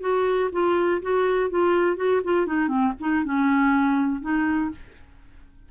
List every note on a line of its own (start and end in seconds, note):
0.00 0.50 F#4
0.52 1.01 F4
1.01 1.50 F#4
1.50 1.96 F4
1.96 2.21 F#4
2.24 2.46 F4
2.46 2.68 D#4
2.68 2.93 C4
3.00 3.24 D#4
3.24 4.21 C#4
4.21 4.71 D#4